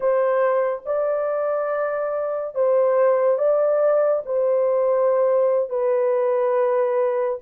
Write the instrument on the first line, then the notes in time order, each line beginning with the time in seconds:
horn
0.00 C5
0.85 D5
2.55 C5
3.38 D5
4.25 C5
5.69 B4